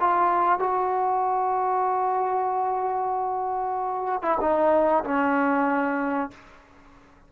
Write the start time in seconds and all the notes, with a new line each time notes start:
0.00 F4
0.59 F#4
4.22 E4
4.40 D#4
5.04 C#4